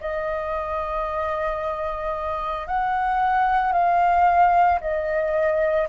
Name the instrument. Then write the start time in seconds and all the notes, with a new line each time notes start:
flute
0.00 D#5
2.67 F#5
3.72 F5
4.81 D#5